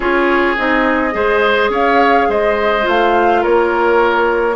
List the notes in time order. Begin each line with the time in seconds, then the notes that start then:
0.00 C#4 F4 G#4 C#5
0.57 C4 D#4 D#5
1.11 G#3 G#4 C5
1.69 C#4 C#5 F5
2.28 G#3 C5 D#5
2.82 A3 F4 F5
3.41 A#3 A#4 C#5